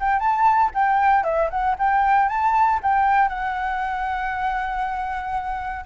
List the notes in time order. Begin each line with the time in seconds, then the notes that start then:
0.00 G5
0.19 A5
0.74 G5
1.24 E5
1.50 F#5
1.79 G5
2.28 A5
2.83 G5
3.28 F#5